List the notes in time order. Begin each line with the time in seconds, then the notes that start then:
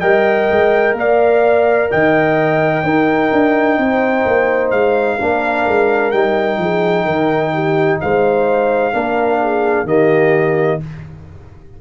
0.00 G3 A#4 D#5 G5
0.50 G#3
0.92 A#3 D5
0.98 F5
1.90 D#3 D#5 G5
2.84 D#4 A#4
3.32 D4
3.77 C4 C5
4.25 A#3
4.70 G#3 F5
5.18 A#3 D4 A#4
5.67 G#3
6.11 G3 D#4 G5
6.58 F3 G#4
7.04 D#3 A#4
7.53 G4
8.00 G#3 C5 F5
8.92 A#3 D4 A#4
9.41 G#4
9.84 D#3 A#3 G4 D#5